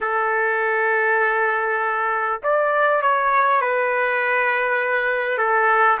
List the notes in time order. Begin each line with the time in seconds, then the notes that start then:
0.00 A4
2.43 D5
3.02 C#5
3.61 B4
5.38 A4